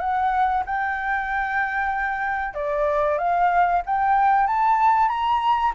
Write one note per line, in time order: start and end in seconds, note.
0.00 0.64 F#5
0.66 2.54 G5
2.54 3.18 D5
3.19 3.82 F5
3.86 4.47 G5
4.47 5.09 A5
5.09 5.73 A#5